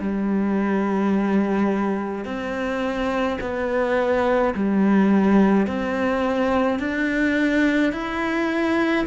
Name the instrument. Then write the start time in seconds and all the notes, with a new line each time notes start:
cello
0.00 G3
2.24 C4
3.41 B3
4.54 G3
5.67 C4
6.79 D4
7.92 E4